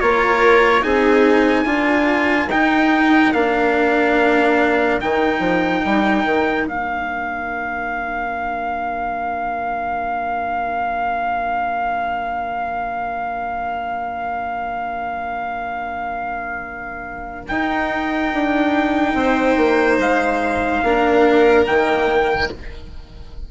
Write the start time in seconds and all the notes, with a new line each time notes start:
0.00 A#3 F4 A#4 C#5
0.81 C4 D#4 G#4 G#5
1.64 D4 F4 A#4
2.47 D#4 G5
3.33 A#3 D4 F5
5.00 D#3 D#4 G5
5.39 F3
5.85 G3
6.24 D#3
6.66 A#3 D4 F5
17.48 D#4 G5
18.33 D4
19.14 C4 C5
19.57 A#3
19.98 G#3 F5
20.83 A#3 D4 A#4
21.66 D#3 A#3 G5